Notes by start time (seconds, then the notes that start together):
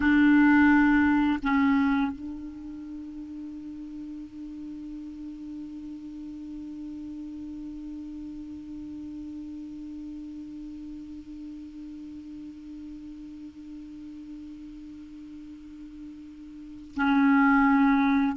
0.00 D4
1.42 C#4
2.11 D4
16.96 C#4